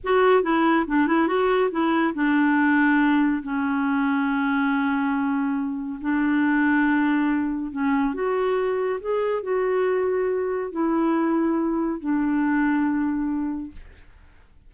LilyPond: \new Staff \with { instrumentName = "clarinet" } { \time 4/4 \tempo 4 = 140 fis'4 e'4 d'8 e'8 fis'4 | e'4 d'2. | cis'1~ | cis'2 d'2~ |
d'2 cis'4 fis'4~ | fis'4 gis'4 fis'2~ | fis'4 e'2. | d'1 | }